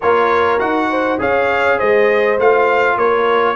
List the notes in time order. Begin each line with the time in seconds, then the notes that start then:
0.01 A#3 F4 A#4 C#5
0.59 D#4 F#4 F#5
0.90 C5
1.18 C#4 G#4 C#5 F5
1.78 G#3 C5 D#5
2.38 A3 F4 F5
2.96 A#3 A#4 C#5